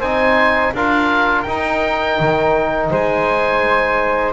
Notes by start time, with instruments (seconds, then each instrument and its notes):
0.00 double bass C4, trombone D#4, flute C5, oboe G#5
0.74 double bass D4, trombone F4, flute A#4, oboe F5
1.43 double bass D#4, trombone D#4, oboe G5
2.20 double bass D#3
2.91 double bass G#3, flute C5, oboe G#5